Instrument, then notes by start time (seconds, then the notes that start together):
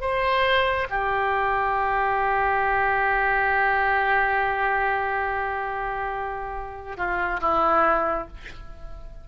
oboe
0.00 C5
0.89 G4
6.96 F4
7.40 E4